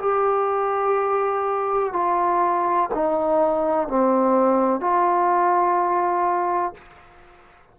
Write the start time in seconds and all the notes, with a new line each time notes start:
0.00 G4
1.93 F4
2.94 D#4
3.88 C4
4.81 F4